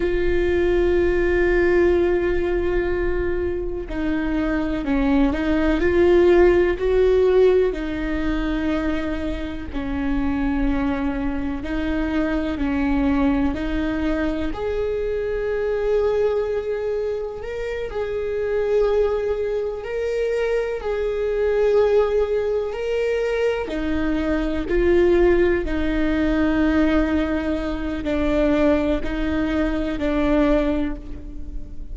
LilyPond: \new Staff \with { instrumentName = "viola" } { \time 4/4 \tempo 4 = 62 f'1 | dis'4 cis'8 dis'8 f'4 fis'4 | dis'2 cis'2 | dis'4 cis'4 dis'4 gis'4~ |
gis'2 ais'8 gis'4.~ | gis'8 ais'4 gis'2 ais'8~ | ais'8 dis'4 f'4 dis'4.~ | dis'4 d'4 dis'4 d'4 | }